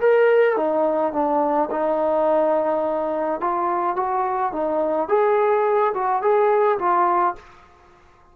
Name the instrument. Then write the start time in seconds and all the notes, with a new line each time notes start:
trombone
0.00 A#4
0.57 D#4
1.13 D4
1.71 D#4
3.40 F4
3.96 F#4
4.53 D#4
5.09 G#4
5.94 F#4
6.22 G#4
6.79 F4